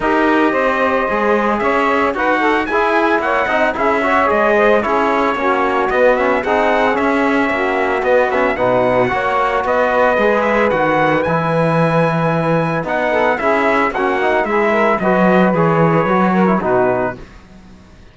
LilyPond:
<<
  \new Staff \with { instrumentName = "trumpet" } { \time 4/4 \tempo 4 = 112 dis''2. e''4 | fis''4 gis''4 fis''4 e''4 | dis''4 cis''2 dis''8 e''8 | fis''4 e''2 dis''8 e''8 |
fis''2 dis''4. e''8 | fis''4 gis''2. | fis''4 e''4 fis''4 e''4 | dis''4 cis''2 b'4 | }
  \new Staff \with { instrumentName = "saxophone" } { \time 4/4 ais'4 c''2 cis''4 | b'8 a'8 gis'4 cis''8 dis''8 gis'8 cis''8~ | cis''8 c''8 gis'4 fis'2 | gis'2 fis'2 |
b'4 cis''4 b'2~ | b'1~ | b'8 a'8 gis'4 fis'4 gis'8 ais'8 | b'2~ b'8 ais'8 fis'4 | }
  \new Staff \with { instrumentName = "trombone" } { \time 4/4 g'2 gis'2 | fis'4 e'4. dis'8 e'8 fis'8 | gis'4 e'4 cis'4 b8 cis'8 | dis'4 cis'2 b8 cis'8 |
dis'4 fis'2 gis'4 | fis'4 e'2. | dis'4 e'4 cis'8 dis'8 e'4 | fis'4 gis'4 fis'8. e'16 dis'4 | }
  \new Staff \with { instrumentName = "cello" } { \time 4/4 dis'4 c'4 gis4 cis'4 | dis'4 e'4 ais8 c'8 cis'4 | gis4 cis'4 ais4 b4 | c'4 cis'4 ais4 b4 |
b,4 ais4 b4 gis4 | dis4 e2. | b4 cis'4 ais4 gis4 | fis4 e4 fis4 b,4 | }
>>